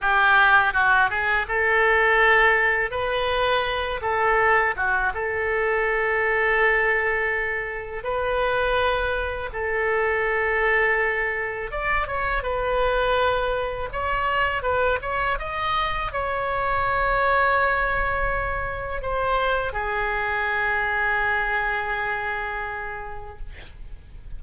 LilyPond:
\new Staff \with { instrumentName = "oboe" } { \time 4/4 \tempo 4 = 82 g'4 fis'8 gis'8 a'2 | b'4. a'4 fis'8 a'4~ | a'2. b'4~ | b'4 a'2. |
d''8 cis''8 b'2 cis''4 | b'8 cis''8 dis''4 cis''2~ | cis''2 c''4 gis'4~ | gis'1 | }